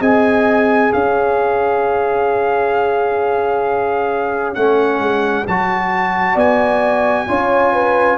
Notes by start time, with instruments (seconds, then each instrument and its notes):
0.00 tuba C4, trombone G#4, horn D#5, trumpet G#5
0.90 tuba C#4, horn C#5, trumpet F5
4.55 tuba A3, trombone C#4, trumpet F#5
4.99 tuba G#3
5.47 tuba F#3, trombone F#4, trumpet A5
6.34 tuba B3, horn D5, trumpet G#5
7.28 tuba C#4, trombone F4, horn C#5
7.73 horn B4